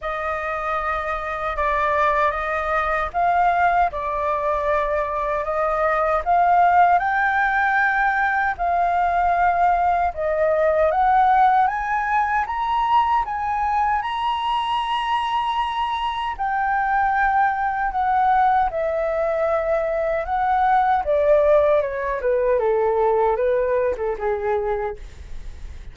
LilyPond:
\new Staff \with { instrumentName = "flute" } { \time 4/4 \tempo 4 = 77 dis''2 d''4 dis''4 | f''4 d''2 dis''4 | f''4 g''2 f''4~ | f''4 dis''4 fis''4 gis''4 |
ais''4 gis''4 ais''2~ | ais''4 g''2 fis''4 | e''2 fis''4 d''4 | cis''8 b'8 a'4 b'8. a'16 gis'4 | }